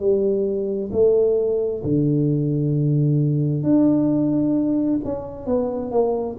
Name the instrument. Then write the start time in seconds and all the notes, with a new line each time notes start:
tuba
0.00 G3
0.93 A3
1.84 D3
3.64 D4
5.05 C#4
5.46 B3
5.92 A#3